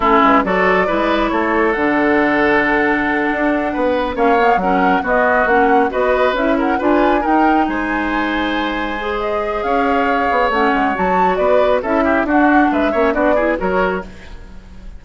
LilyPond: <<
  \new Staff \with { instrumentName = "flute" } { \time 4/4 \tempo 4 = 137 a'8 b'8 d''2 cis''4 | fis''1~ | fis''4. f''4 fis''4 dis''8~ | dis''8 fis''4 dis''4 e''8 fis''8 gis''8~ |
gis''8 g''4 gis''2~ gis''8~ | gis''4 dis''4 f''2 | fis''4 a''4 d''4 e''4 | fis''4 e''4 d''4 cis''4 | }
  \new Staff \with { instrumentName = "oboe" } { \time 4/4 e'4 a'4 b'4 a'4~ | a'1~ | a'8 b'4 cis''4 ais'4 fis'8~ | fis'4. b'4. ais'8 b'8~ |
b'8 ais'4 c''2~ c''8~ | c''2 cis''2~ | cis''2 b'4 a'8 g'8 | fis'4 b'8 cis''8 fis'8 gis'8 ais'4 | }
  \new Staff \with { instrumentName = "clarinet" } { \time 4/4 cis'4 fis'4 e'2 | d'1~ | d'4. cis'8 b8 cis'4 b8~ | b8 cis'4 fis'4 e'4 f'8~ |
f'8 dis'2.~ dis'8~ | dis'8 gis'2.~ gis'8 | cis'4 fis'2 e'4 | d'4. cis'8 d'8 e'8 fis'4 | }
  \new Staff \with { instrumentName = "bassoon" } { \time 4/4 a8 gis8 fis4 gis4 a4 | d2.~ d8 d'8~ | d'8 b4 ais4 fis4 b8~ | b8 ais4 b4 cis'4 d'8~ |
d'8 dis'4 gis2~ gis8~ | gis2 cis'4. b8 | a8 gis8 fis4 b4 cis'4 | d'4 gis8 ais8 b4 fis4 | }
>>